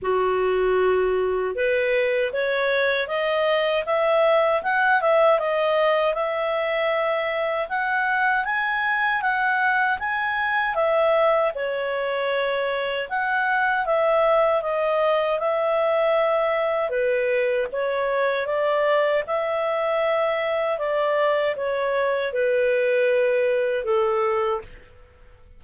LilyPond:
\new Staff \with { instrumentName = "clarinet" } { \time 4/4 \tempo 4 = 78 fis'2 b'4 cis''4 | dis''4 e''4 fis''8 e''8 dis''4 | e''2 fis''4 gis''4 | fis''4 gis''4 e''4 cis''4~ |
cis''4 fis''4 e''4 dis''4 | e''2 b'4 cis''4 | d''4 e''2 d''4 | cis''4 b'2 a'4 | }